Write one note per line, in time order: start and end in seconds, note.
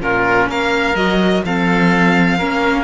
0.00 0.48 A#2
0.00 0.95 C#4
0.00 0.50 F4
0.00 0.50 A#4
0.50 0.95 A#3
0.50 1.45 A#4
0.50 0.96 F5
0.95 1.42 F#3
0.95 1.44 F#4
0.95 1.44 D#5
1.46 2.41 F3
1.46 2.39 C4
1.46 2.38 A4
1.46 2.84 F5
2.38 2.84 A#3
2.38 2.84 C#4
2.38 2.84 A#4